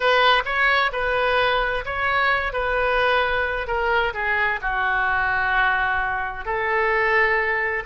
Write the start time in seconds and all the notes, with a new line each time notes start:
0.00 B4
0.45 C#5
0.92 B4
1.85 C#5
2.52 B4
3.67 A#4
4.13 G#4
4.61 F#4
6.45 A4